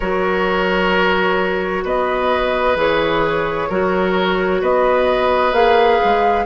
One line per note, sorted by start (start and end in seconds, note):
0.00 1.84 F#3
0.00 2.76 F#4
0.00 1.84 A#4
0.00 1.84 C#5
1.84 2.75 B3
1.84 3.68 B4
1.84 2.77 D#5
2.75 3.67 E3
2.75 3.68 G#4
2.75 4.63 C#5
3.68 4.61 F#3
3.68 5.53 F#4
3.68 4.61 A#4
4.61 5.52 B3
4.61 6.45 B4
4.61 5.53 D#5
5.52 5.98 A#3
5.52 6.45 G#4
5.52 6.45 F5
6.04 6.45 G#3